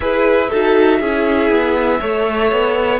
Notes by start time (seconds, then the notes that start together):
0.00 E4 G#4 B4 E5
0.49 D#4 F#4 A4
0.99 C#4 E4 G#4
1.50 B3
2.00 A3 A4 C#5
2.51 B3